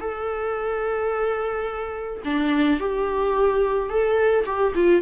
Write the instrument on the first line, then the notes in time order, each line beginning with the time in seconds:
viola
0.00 A4
2.25 D4
2.80 G4
3.89 A4
4.45 G4
4.75 F4